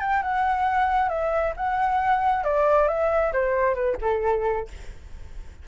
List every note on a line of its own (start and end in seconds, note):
0.00 0.22 G5
0.22 1.09 F#5
1.09 1.53 E5
1.56 2.44 F#5
2.44 2.88 D5
2.88 3.32 E5
3.33 3.74 C5
3.74 3.97 B4
4.01 4.68 A4